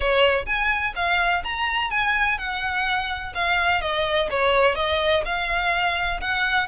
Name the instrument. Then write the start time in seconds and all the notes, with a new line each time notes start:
violin
0.00 C#5
0.45 G#5
0.95 F5
1.44 A#5
1.90 G#5
2.38 F#5
3.34 F5
3.81 D#5
4.30 C#5
4.75 D#5
5.25 F5
6.20 F#5